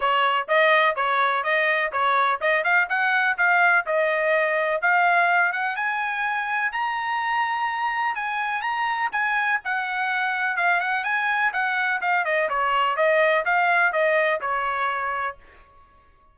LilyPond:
\new Staff \with { instrumentName = "trumpet" } { \time 4/4 \tempo 4 = 125 cis''4 dis''4 cis''4 dis''4 | cis''4 dis''8 f''8 fis''4 f''4 | dis''2 f''4. fis''8 | gis''2 ais''2~ |
ais''4 gis''4 ais''4 gis''4 | fis''2 f''8 fis''8 gis''4 | fis''4 f''8 dis''8 cis''4 dis''4 | f''4 dis''4 cis''2 | }